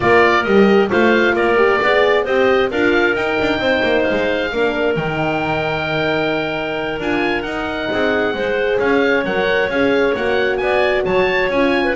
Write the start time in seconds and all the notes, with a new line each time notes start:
0.00 A#3 F4 A#4 D5
0.44 G3 G4 D#5
0.89 A3 F4 C5 F5
1.33 A#3 A#4 D5
1.56 G4
1.82 B3 G#4 D5
2.23 C4 G4 C5 D#5
2.70 D4 F4 A#4 F5
3.15 D#4 G5
3.40 D4
3.58 C4 C5
3.82 A#3
4.03 F5
4.10 G#3
4.51 A#3 D4 A#4
4.96 D#3 D#4 G5
6.99 D4 F4 G#5
7.42 D#4 F#5
7.91 C4 G#4
8.33 G#3 G#4 C5
8.79 C#4 C#5 F5
9.24 F#3 A#4 F#5
9.68 C#4 G#4 F5
10.15 A#3 F#4 F#5
10.57 B3 D5 G#5
11.05 F#3 C#5 A5
11.49 C#4 F4 G#5
11.84 B4